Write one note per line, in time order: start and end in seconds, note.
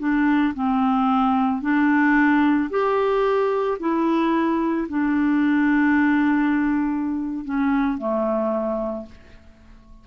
0.00 0.54 D4
0.55 1.62 C4
1.62 2.70 D4
2.70 3.78 G4
3.80 4.88 E4
4.89 7.45 D4
7.45 7.99 C#4
7.99 9.07 A3